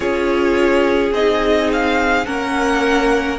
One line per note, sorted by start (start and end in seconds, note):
0.00 1.12 C#4
0.00 1.13 F4
0.00 2.26 G#4
0.00 1.12 C#5
1.12 2.25 C4
1.12 2.26 D#4
1.12 1.70 D#5
1.72 2.25 F5
2.25 3.38 A#3
2.25 3.38 C#4
2.25 3.38 A#4
2.25 3.38 F#5